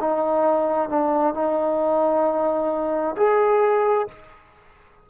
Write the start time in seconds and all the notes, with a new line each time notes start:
0.00 D#4
0.89 D4
1.34 D#4
3.17 G#4